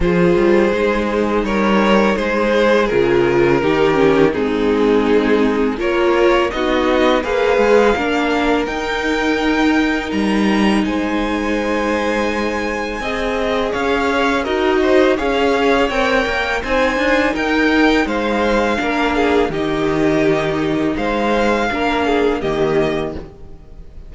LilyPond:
<<
  \new Staff \with { instrumentName = "violin" } { \time 4/4 \tempo 4 = 83 c''2 cis''4 c''4 | ais'2 gis'2 | cis''4 dis''4 f''2 | g''2 ais''4 gis''4~ |
gis''2. f''4 | dis''4 f''4 g''4 gis''4 | g''4 f''2 dis''4~ | dis''4 f''2 dis''4 | }
  \new Staff \with { instrumentName = "violin" } { \time 4/4 gis'2 ais'4 gis'4~ | gis'4 g'4 dis'2 | ais'4 fis'4 b'4 ais'4~ | ais'2. c''4~ |
c''2 dis''4 cis''4 | ais'8 c''8 cis''2 c''4 | ais'4 c''4 ais'8 gis'8 g'4~ | g'4 c''4 ais'8 gis'8 g'4 | }
  \new Staff \with { instrumentName = "viola" } { \time 4/4 f'4 dis'2. | f'4 dis'8 cis'8 c'2 | f'4 dis'4 gis'4 d'4 | dis'1~ |
dis'2 gis'2 | fis'4 gis'4 ais'4 dis'4~ | dis'2 d'4 dis'4~ | dis'2 d'4 ais4 | }
  \new Staff \with { instrumentName = "cello" } { \time 4/4 f8 g8 gis4 g4 gis4 | cis4 dis4 gis2 | ais4 b4 ais8 gis8 ais4 | dis'2 g4 gis4~ |
gis2 c'4 cis'4 | dis'4 cis'4 c'8 ais8 c'8 d'8 | dis'4 gis4 ais4 dis4~ | dis4 gis4 ais4 dis4 | }
>>